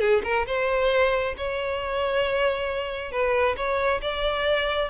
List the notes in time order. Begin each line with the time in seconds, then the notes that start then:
0.00 G#4
0.24 A#4
0.47 C5
1.37 C#5
3.11 B4
3.57 C#5
4.02 D5